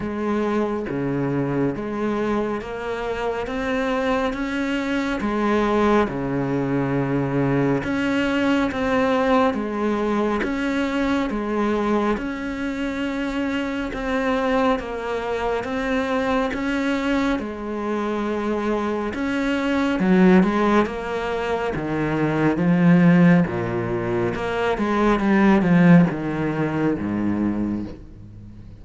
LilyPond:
\new Staff \with { instrumentName = "cello" } { \time 4/4 \tempo 4 = 69 gis4 cis4 gis4 ais4 | c'4 cis'4 gis4 cis4~ | cis4 cis'4 c'4 gis4 | cis'4 gis4 cis'2 |
c'4 ais4 c'4 cis'4 | gis2 cis'4 fis8 gis8 | ais4 dis4 f4 ais,4 | ais8 gis8 g8 f8 dis4 gis,4 | }